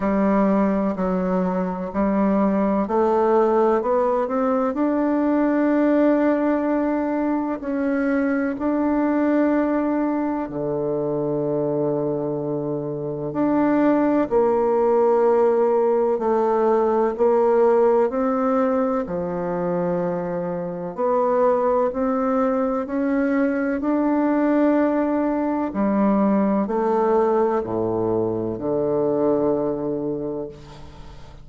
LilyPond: \new Staff \with { instrumentName = "bassoon" } { \time 4/4 \tempo 4 = 63 g4 fis4 g4 a4 | b8 c'8 d'2. | cis'4 d'2 d4~ | d2 d'4 ais4~ |
ais4 a4 ais4 c'4 | f2 b4 c'4 | cis'4 d'2 g4 | a4 a,4 d2 | }